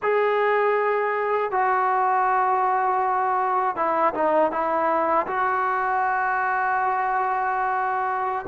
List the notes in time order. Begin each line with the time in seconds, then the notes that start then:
0.02 G#4
1.51 F#4
3.76 E4
4.14 D#4
4.51 E4
5.26 F#4